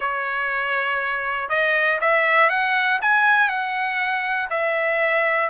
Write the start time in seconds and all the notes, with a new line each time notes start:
0.00 C#5
1.49 D#5
2.00 E5
2.49 F#5
3.01 G#5
3.48 F#5
4.50 E5